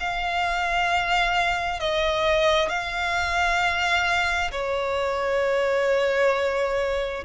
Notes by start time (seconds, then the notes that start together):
0.00 F5
1.80 D#5
2.69 F5
4.52 C#5